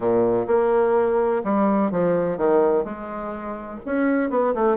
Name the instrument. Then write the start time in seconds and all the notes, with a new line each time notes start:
bassoon
0.00 A#2
0.47 A#3
1.44 G3
1.91 F3
2.37 D#3
2.84 G#3
3.85 C#4
4.30 B3
4.54 A3